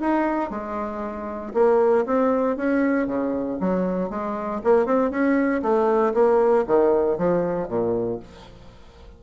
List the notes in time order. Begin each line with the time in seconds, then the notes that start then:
0.00 D#4
0.50 G#3
1.54 A#3
2.06 C4
2.56 C#4
3.07 C#3
3.60 F#3
4.10 G#3
4.64 A#3
4.86 C4
5.10 C#4
5.62 A3
6.14 A#3
6.67 D#3
7.18 F3
7.68 A#2